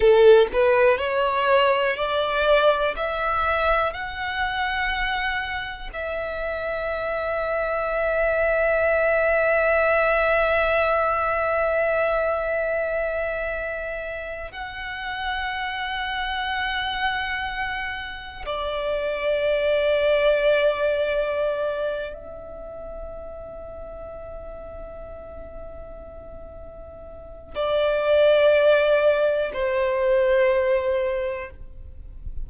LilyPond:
\new Staff \with { instrumentName = "violin" } { \time 4/4 \tempo 4 = 61 a'8 b'8 cis''4 d''4 e''4 | fis''2 e''2~ | e''1~ | e''2~ e''8. fis''4~ fis''16~ |
fis''2~ fis''8. d''4~ d''16~ | d''2~ d''8 e''4.~ | e''1 | d''2 c''2 | }